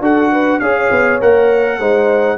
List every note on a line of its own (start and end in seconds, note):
0.00 0.59 D4
0.00 0.61 F#4
0.00 0.31 A4
0.00 0.60 F#5
0.31 0.61 B4
0.60 0.90 C#4
0.60 1.20 G#4
0.60 1.79 C#5
0.60 1.19 F5
0.91 1.20 B3
1.20 1.79 A#3
1.20 1.80 A#4
1.20 2.38 F#5
1.79 2.38 G#3
1.79 2.38 D#4
1.79 2.38 C5